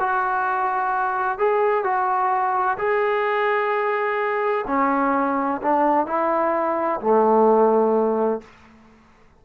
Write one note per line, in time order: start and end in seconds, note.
0.00 1.39 F#4
1.39 1.84 G#4
1.84 2.78 F#4
2.78 4.66 G#4
4.68 5.62 C#4
5.62 6.07 D4
6.07 7.01 E4
7.01 8.42 A3